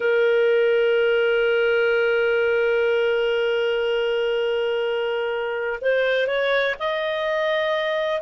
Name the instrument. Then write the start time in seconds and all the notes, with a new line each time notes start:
clarinet
0.00 A#4
5.81 C5
6.26 C#5
6.79 D#5